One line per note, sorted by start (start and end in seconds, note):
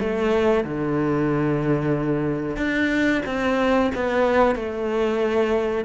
0.00 0.65 A3
0.65 2.57 D3
2.57 3.23 D4
3.26 3.92 C4
3.95 4.56 B3
4.56 5.85 A3